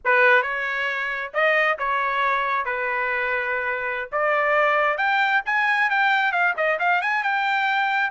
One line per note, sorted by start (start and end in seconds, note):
0.04 0.42 B4
0.42 1.31 C#5
1.33 1.78 D#5
1.78 2.65 C#5
2.65 4.09 B4
4.12 4.97 D5
4.97 5.42 G5
5.45 5.89 G#5
5.89 6.32 G5
6.32 6.54 F5
6.56 6.79 D#5
6.79 7.01 F5
7.01 7.23 G#5
7.23 8.10 G5